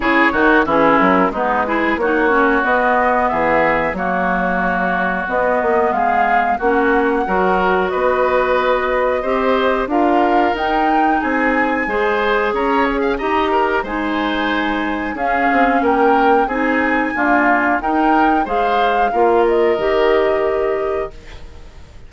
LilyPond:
<<
  \new Staff \with { instrumentName = "flute" } { \time 4/4 \tempo 4 = 91 cis''4 gis'8 ais'8 b'4 cis''4 | dis''4 e''4 cis''2 | dis''4 f''4 fis''2 | dis''2. f''4 |
g''4 gis''2 ais''8 gis'8 | ais''4 gis''2 f''4 | g''4 gis''2 g''4 | f''4. dis''2~ dis''8 | }
  \new Staff \with { instrumentName = "oboe" } { \time 4/4 gis'8 fis'8 e'4 dis'8 gis'8 fis'4~ | fis'4 gis'4 fis'2~ | fis'4 gis'4 fis'4 ais'4 | b'2 c''4 ais'4~ |
ais'4 gis'4 c''4 cis''8. f''16 | dis''8 ais'8 c''2 gis'4 | ais'4 gis'4 f'4 ais'4 | c''4 ais'2. | }
  \new Staff \with { instrumentName = "clarinet" } { \time 4/4 e'8 dis'8 cis'4 b8 e'8 dis'8 cis'8 | b2 ais2 | b2 cis'4 fis'4~ | fis'2 g'4 f'4 |
dis'2 gis'2 | g'4 dis'2 cis'4~ | cis'4 dis'4 ais4 dis'4 | gis'4 f'4 g'2 | }
  \new Staff \with { instrumentName = "bassoon" } { \time 4/4 cis8 dis8 e8 fis8 gis4 ais4 | b4 e4 fis2 | b8 ais8 gis4 ais4 fis4 | b2 c'4 d'4 |
dis'4 c'4 gis4 cis'4 | dis'4 gis2 cis'8 c'8 | ais4 c'4 d'4 dis'4 | gis4 ais4 dis2 | }
>>